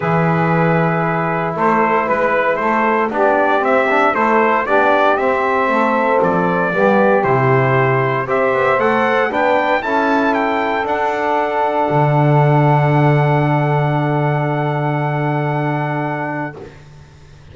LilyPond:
<<
  \new Staff \with { instrumentName = "trumpet" } { \time 4/4 \tempo 4 = 116 b'2. c''4 | b'4 c''4 d''4 e''4 | c''4 d''4 e''2 | d''2 c''2 |
e''4 fis''4 g''4 a''4 | g''4 fis''2.~ | fis''1~ | fis''1 | }
  \new Staff \with { instrumentName = "saxophone" } { \time 4/4 gis'2. a'4 | b'4 a'4 g'2 | a'4 g'2 a'4~ | a'4 g'2. |
c''2 b'4 a'4~ | a'1~ | a'1~ | a'1 | }
  \new Staff \with { instrumentName = "trombone" } { \time 4/4 e'1~ | e'2 d'4 c'8 d'8 | e'4 d'4 c'2~ | c'4 b4 e'2 |
g'4 a'4 d'4 e'4~ | e'4 d'2.~ | d'1~ | d'1 | }
  \new Staff \with { instrumentName = "double bass" } { \time 4/4 e2. a4 | gis4 a4 b4 c'4 | a4 b4 c'4 a4 | f4 g4 c2 |
c'8 b8 a4 b4 cis'4~ | cis'4 d'2 d4~ | d1~ | d1 | }
>>